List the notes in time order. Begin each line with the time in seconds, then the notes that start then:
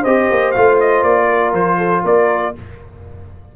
0.00 C4 C5 D#5
0.06 G4
0.31 A#3
0.51 A3 F4 F5
0.80 D#5
1.03 A#3 D5
1.29 A#4
1.53 F3 C5
1.77 A4
2.04 A#3 A#4 D5